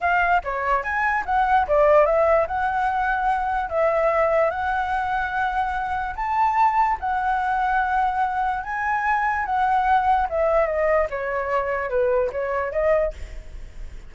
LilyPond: \new Staff \with { instrumentName = "flute" } { \time 4/4 \tempo 4 = 146 f''4 cis''4 gis''4 fis''4 | d''4 e''4 fis''2~ | fis''4 e''2 fis''4~ | fis''2. a''4~ |
a''4 fis''2.~ | fis''4 gis''2 fis''4~ | fis''4 e''4 dis''4 cis''4~ | cis''4 b'4 cis''4 dis''4 | }